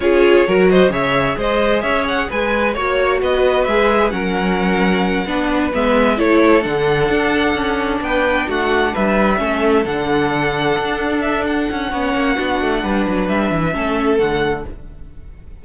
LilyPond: <<
  \new Staff \with { instrumentName = "violin" } { \time 4/4 \tempo 4 = 131 cis''4. dis''8 e''4 dis''4 | e''8 fis''8 gis''4 cis''4 dis''4 | e''4 fis''2.~ | fis''8 e''4 cis''4 fis''4.~ |
fis''4. g''4 fis''4 e''8~ | e''4. fis''2~ fis''8~ | fis''8 e''8 fis''2.~ | fis''4 e''2 fis''4 | }
  \new Staff \with { instrumentName = "violin" } { \time 4/4 gis'4 ais'8 c''8 cis''4 c''4 | cis''4 b'4 cis''4 b'4~ | b'4 ais'2~ ais'8 b'8~ | b'4. a'2~ a'8~ |
a'4. b'4 fis'4 b'8~ | b'8 a'2.~ a'8~ | a'2 cis''4 fis'4 | b'2 a'2 | }
  \new Staff \with { instrumentName = "viola" } { \time 4/4 f'4 fis'4 gis'2~ | gis'2 fis'2 | gis'4 cis'2~ cis'8 d'8~ | d'8 b4 e'4 d'4.~ |
d'1~ | d'8 cis'4 d'2~ d'8~ | d'2 cis'4 d'4~ | d'2 cis'4 a4 | }
  \new Staff \with { instrumentName = "cello" } { \time 4/4 cis'4 fis4 cis4 gis4 | cis'4 gis4 ais4 b4 | gis4 fis2~ fis8 b8~ | b8 gis4 a4 d4 d'8~ |
d'8 cis'4 b4 a4 g8~ | g8 a4 d2 d'8~ | d'4. cis'8 b8 ais8 b8 a8 | g8 fis8 g8 e8 a4 d4 | }
>>